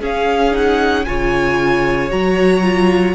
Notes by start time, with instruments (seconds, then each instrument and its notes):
0.00 viola C#4, cello C#4, violin G#4 F5
0.51 viola D#4, violin F#5
1.05 cello C#3, viola F4, violin C#5 G#5
2.10 cello F#3, viola F#4, violin A#5
2.62 viola F4